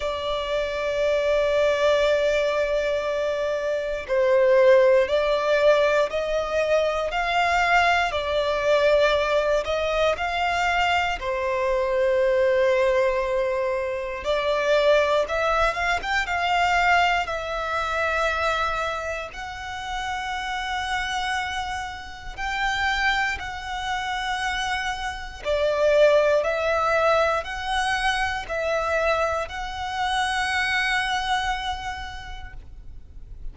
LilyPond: \new Staff \with { instrumentName = "violin" } { \time 4/4 \tempo 4 = 59 d''1 | c''4 d''4 dis''4 f''4 | d''4. dis''8 f''4 c''4~ | c''2 d''4 e''8 f''16 g''16 |
f''4 e''2 fis''4~ | fis''2 g''4 fis''4~ | fis''4 d''4 e''4 fis''4 | e''4 fis''2. | }